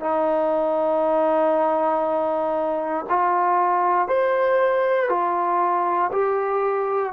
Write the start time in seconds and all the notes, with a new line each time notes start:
0.00 D#4
3.09 F4
4.08 C5
5.09 F4
6.12 G4